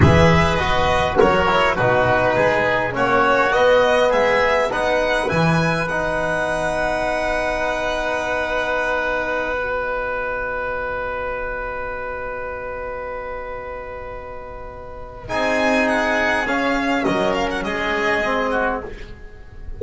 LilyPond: <<
  \new Staff \with { instrumentName = "violin" } { \time 4/4 \tempo 4 = 102 e''4 dis''4 cis''4 b'4~ | b'4 cis''4 dis''4 e''4 | fis''4 gis''4 fis''2~ | fis''1~ |
fis''8 dis''2.~ dis''8~ | dis''1~ | dis''2 gis''4 fis''4 | f''4 dis''8 f''16 fis''16 dis''2 | }
  \new Staff \with { instrumentName = "oboe" } { \time 4/4 b'2 ais'4 fis'4 | gis'4 fis'2 gis'4 | b'1~ | b'1~ |
b'1~ | b'1~ | b'2 gis'2~ | gis'4 ais'4 gis'4. fis'8 | }
  \new Staff \with { instrumentName = "trombone" } { \time 4/4 gis'4 fis'4. e'8 dis'4~ | dis'4 cis'4 b2 | dis'4 e'4 dis'2~ | dis'1~ |
dis'16 fis'2.~ fis'8.~ | fis'1~ | fis'2 dis'2 | cis'2. c'4 | }
  \new Staff \with { instrumentName = "double bass" } { \time 4/4 e4 b4 fis4 b,4 | gis4 ais4 b4 gis4 | b4 e4 b2~ | b1~ |
b1~ | b1~ | b2 c'2 | cis'4 fis4 gis2 | }
>>